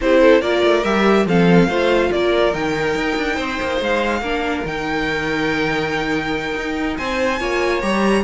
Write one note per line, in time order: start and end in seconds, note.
0.00 0.41 C4
0.00 0.41 E4
0.00 0.21 G4
0.00 0.41 C5
0.21 0.41 A4
0.41 0.62 A#3
0.41 0.84 F4
0.41 1.26 A#4
0.41 0.83 D5
0.63 0.84 A3
0.83 1.25 G3
0.83 1.26 G4
0.83 1.26 E5
1.25 1.67 F3
1.25 1.70 C4
1.25 1.67 A4
1.25 2.12 F5
1.67 2.10 A3
1.67 2.53 F4
1.67 2.10 C5
2.11 2.53 A#3
2.11 3.35 A#4
2.11 2.54 D5
2.53 2.95 D#3
2.53 4.22 D#4
2.53 3.80 G5
2.95 3.16 D#4
3.16 3.37 D4
3.35 3.59 C4
3.35 4.20 C5
3.61 3.80 A#3
3.80 4.21 G#3
3.80 4.66 F5
4.21 4.63 A#3
4.21 4.65 D4
4.21 6.95 A#4
4.64 6.55 D#3
4.64 7.39 D#4
4.64 6.97 G5
6.55 6.97 D#4
6.97 7.40 C4
6.97 7.39 C5
6.97 7.81 G#5
7.39 7.82 A#3
7.39 7.81 F4
7.39 8.24 C#5
7.81 8.24 G3
7.81 8.23 G4
7.81 8.24 A#5